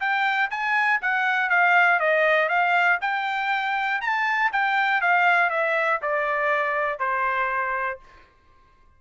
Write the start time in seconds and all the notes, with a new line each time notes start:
0.00 G5
0.50 G#5
1.02 F#5
1.49 F5
1.99 D#5
2.49 F5
3.01 G5
4.01 A5
4.52 G5
5.01 F5
5.50 E5
6.02 D5
6.99 C5